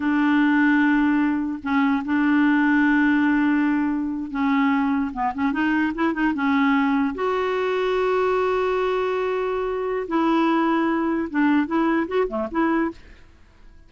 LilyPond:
\new Staff \with { instrumentName = "clarinet" } { \time 4/4 \tempo 4 = 149 d'1 | cis'4 d'2.~ | d'2~ d'8. cis'4~ cis'16~ | cis'8. b8 cis'8 dis'4 e'8 dis'8 cis'16~ |
cis'4.~ cis'16 fis'2~ fis'16~ | fis'1~ | fis'4 e'2. | d'4 e'4 fis'8 a8 e'4 | }